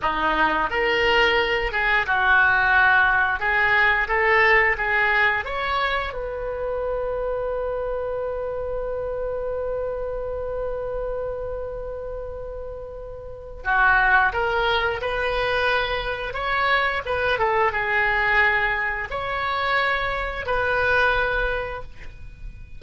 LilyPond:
\new Staff \with { instrumentName = "oboe" } { \time 4/4 \tempo 4 = 88 dis'4 ais'4. gis'8 fis'4~ | fis'4 gis'4 a'4 gis'4 | cis''4 b'2.~ | b'1~ |
b'1 | fis'4 ais'4 b'2 | cis''4 b'8 a'8 gis'2 | cis''2 b'2 | }